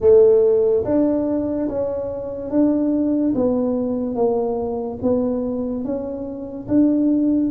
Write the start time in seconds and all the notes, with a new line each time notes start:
0.00 A3
0.84 D4
1.69 C#4
2.50 D4
3.34 B3
4.15 A#3
5.02 B3
5.84 C#4
6.68 D4